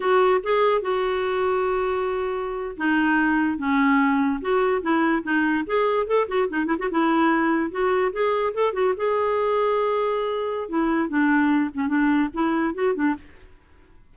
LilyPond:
\new Staff \with { instrumentName = "clarinet" } { \time 4/4 \tempo 4 = 146 fis'4 gis'4 fis'2~ | fis'2~ fis'8. dis'4~ dis'16~ | dis'8. cis'2 fis'4 e'16~ | e'8. dis'4 gis'4 a'8 fis'8 dis'16~ |
dis'16 e'16 fis'16 e'2 fis'4 gis'16~ | gis'8. a'8 fis'8 gis'2~ gis'16~ | gis'2 e'4 d'4~ | d'8 cis'8 d'4 e'4 fis'8 d'8 | }